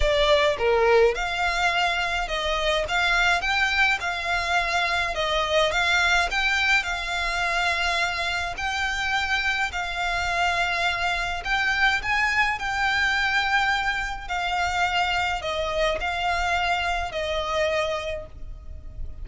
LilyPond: \new Staff \with { instrumentName = "violin" } { \time 4/4 \tempo 4 = 105 d''4 ais'4 f''2 | dis''4 f''4 g''4 f''4~ | f''4 dis''4 f''4 g''4 | f''2. g''4~ |
g''4 f''2. | g''4 gis''4 g''2~ | g''4 f''2 dis''4 | f''2 dis''2 | }